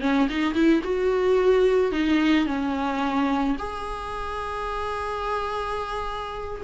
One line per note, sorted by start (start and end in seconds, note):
0.00 0.28 C#4
0.29 0.54 D#4
0.54 0.81 E4
0.83 1.91 F#4
1.91 2.46 D#4
2.46 3.56 C#4
3.58 6.61 G#4